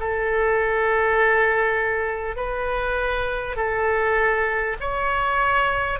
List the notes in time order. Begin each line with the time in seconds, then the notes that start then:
0.00 A4
2.36 B4
3.56 A4
4.81 C#5